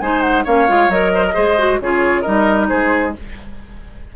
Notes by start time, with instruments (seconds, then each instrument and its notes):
0.00 bassoon G#3, clarinet D#4, oboe C5, flute G#5
0.21 flute F#5
0.44 bassoon A#3, clarinet C#4, oboe C#5, flute F5
0.68 bassoon G#3, clarinet F4
0.89 bassoon F#3, clarinet A#4, flute D#5
1.14 oboe C5
1.25 oboe A#4
1.34 bassoon G#3, clarinet G#4, oboe C5
1.58 clarinet F#4
1.80 bassoon C#3, clarinet F4, oboe G#4, flute C#5
2.21 bassoon G3, clarinet D#4, oboe A#4, flute D#5
2.68 bassoon G#3, oboe G#4, flute C5